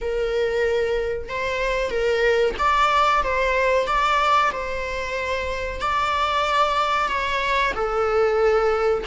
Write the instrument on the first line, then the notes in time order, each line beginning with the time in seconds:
viola
0.01 A#4
1.28 C5
1.90 A#4
2.58 D5
3.23 C5
3.87 D5
4.52 C5
5.80 D5
7.08 C#5
7.74 A4